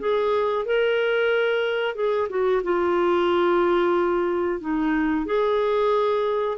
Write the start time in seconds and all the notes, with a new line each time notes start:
0.00 G#4
0.66 A#4
1.96 G#4
2.30 F#4
2.64 F4
4.61 D#4
5.26 G#4